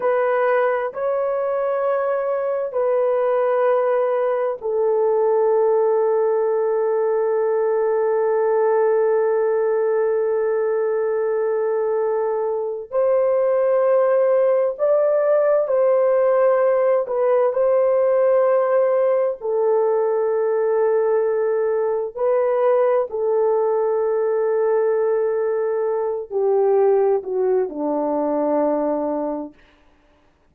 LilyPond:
\new Staff \with { instrumentName = "horn" } { \time 4/4 \tempo 4 = 65 b'4 cis''2 b'4~ | b'4 a'2.~ | a'1~ | a'2 c''2 |
d''4 c''4. b'8 c''4~ | c''4 a'2. | b'4 a'2.~ | a'8 g'4 fis'8 d'2 | }